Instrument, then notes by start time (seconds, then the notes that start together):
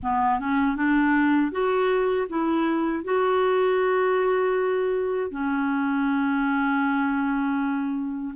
clarinet
0.02 B3
0.39 C#4
0.76 D4
1.51 F#4
2.29 E4
3.03 F#4
5.31 C#4